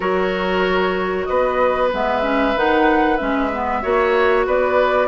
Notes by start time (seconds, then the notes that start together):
0.00 F#3 F#4 A#4 C#5
1.25 B3 B4 D#5
1.92 G#3 B3 E5
2.21 C#4
2.55 D#3 D#4 F#5
3.17 G#3 C#4 E5
3.52 B3
3.82 A#3 F#4 C#5
4.46 B3 B4 D5